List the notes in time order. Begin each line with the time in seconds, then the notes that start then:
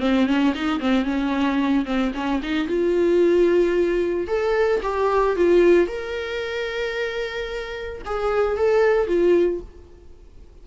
0.00 C4
0.27 C#4
0.55 D#4
0.80 C4
1.05 C#4
1.86 C4
2.15 C#4
2.43 D#4
2.68 F4
4.28 A4
4.83 G4
5.36 F4
5.88 A#4
8.06 G#4
8.57 A4
9.07 F4